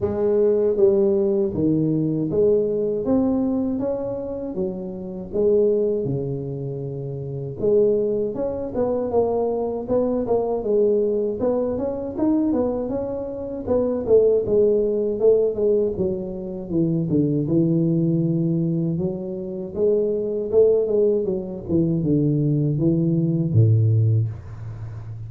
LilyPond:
\new Staff \with { instrumentName = "tuba" } { \time 4/4 \tempo 4 = 79 gis4 g4 dis4 gis4 | c'4 cis'4 fis4 gis4 | cis2 gis4 cis'8 b8 | ais4 b8 ais8 gis4 b8 cis'8 |
dis'8 b8 cis'4 b8 a8 gis4 | a8 gis8 fis4 e8 d8 e4~ | e4 fis4 gis4 a8 gis8 | fis8 e8 d4 e4 a,4 | }